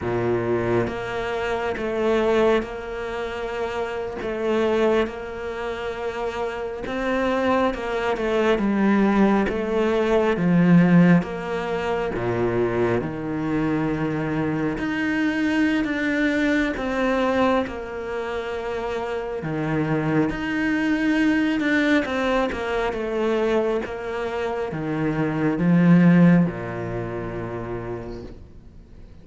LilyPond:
\new Staff \with { instrumentName = "cello" } { \time 4/4 \tempo 4 = 68 ais,4 ais4 a4 ais4~ | ais8. a4 ais2 c'16~ | c'8. ais8 a8 g4 a4 f16~ | f8. ais4 ais,4 dis4~ dis16~ |
dis8. dis'4~ dis'16 d'4 c'4 | ais2 dis4 dis'4~ | dis'8 d'8 c'8 ais8 a4 ais4 | dis4 f4 ais,2 | }